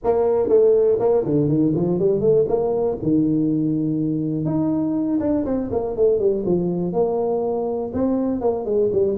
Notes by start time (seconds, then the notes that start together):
0.04 A#3
0.48 A3
0.99 A#3
1.24 D3
1.48 D#3
1.75 F3
1.99 G3
2.20 A3
2.48 A#3
3.02 D#3
4.45 D#4
5.20 D4
5.45 C4
5.71 A#3
5.96 A3
6.19 G3
6.45 F3
6.93 A#3
7.93 C4
8.40 A#3
8.65 G#3
8.92 G3